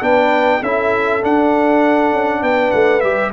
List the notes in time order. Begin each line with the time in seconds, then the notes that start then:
0.00 B3 D4 B4 G5
0.61 C#4 E4 A4 E5
1.22 D4 F#5
2.12 C#4
2.42 B3 B4 G5
2.71 A3 F#5
3.01 G3 G4 E5